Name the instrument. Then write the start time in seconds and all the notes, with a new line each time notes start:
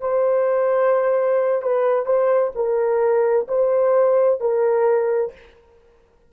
horn
0.00 C5
1.62 B4
2.05 C5
2.55 A#4
3.48 C5
4.40 A#4